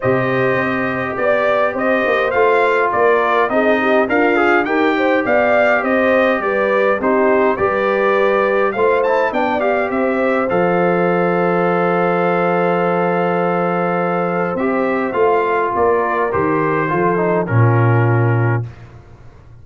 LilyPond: <<
  \new Staff \with { instrumentName = "trumpet" } { \time 4/4 \tempo 4 = 103 dis''2 d''4 dis''4 | f''4 d''4 dis''4 f''4 | g''4 f''4 dis''4 d''4 | c''4 d''2 f''8 a''8 |
g''8 f''8 e''4 f''2~ | f''1~ | f''4 e''4 f''4 d''4 | c''2 ais'2 | }
  \new Staff \with { instrumentName = "horn" } { \time 4/4 c''2 d''4 c''4~ | c''4 ais'4 gis'8 g'8 f'4 | ais'8 c''8 d''4 c''4 b'4 | g'4 b'2 c''4 |
d''4 c''2.~ | c''1~ | c''2. ais'4~ | ais'4 a'4 f'2 | }
  \new Staff \with { instrumentName = "trombone" } { \time 4/4 g'1 | f'2 dis'4 ais'8 gis'8 | g'1 | dis'4 g'2 f'8 e'8 |
d'8 g'4. a'2~ | a'1~ | a'4 g'4 f'2 | g'4 f'8 dis'8 cis'2 | }
  \new Staff \with { instrumentName = "tuba" } { \time 4/4 c4 c'4 b4 c'8 ais8 | a4 ais4 c'4 d'4 | dis'4 b4 c'4 g4 | c'4 g2 a4 |
b4 c'4 f2~ | f1~ | f4 c'4 a4 ais4 | dis4 f4 ais,2 | }
>>